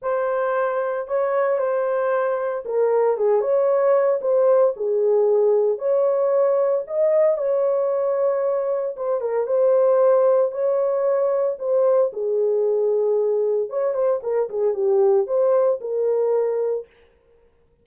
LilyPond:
\new Staff \with { instrumentName = "horn" } { \time 4/4 \tempo 4 = 114 c''2 cis''4 c''4~ | c''4 ais'4 gis'8 cis''4. | c''4 gis'2 cis''4~ | cis''4 dis''4 cis''2~ |
cis''4 c''8 ais'8 c''2 | cis''2 c''4 gis'4~ | gis'2 cis''8 c''8 ais'8 gis'8 | g'4 c''4 ais'2 | }